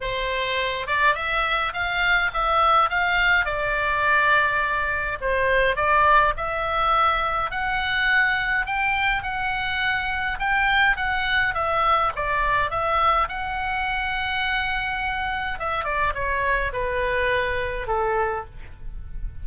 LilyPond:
\new Staff \with { instrumentName = "oboe" } { \time 4/4 \tempo 4 = 104 c''4. d''8 e''4 f''4 | e''4 f''4 d''2~ | d''4 c''4 d''4 e''4~ | e''4 fis''2 g''4 |
fis''2 g''4 fis''4 | e''4 d''4 e''4 fis''4~ | fis''2. e''8 d''8 | cis''4 b'2 a'4 | }